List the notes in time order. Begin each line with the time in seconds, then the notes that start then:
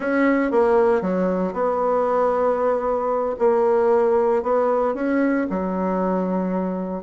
0.00 C#4
0.51 A#3
1.01 F#3
1.53 B3
3.38 A#3
4.42 B3
4.94 C#4
5.50 F#3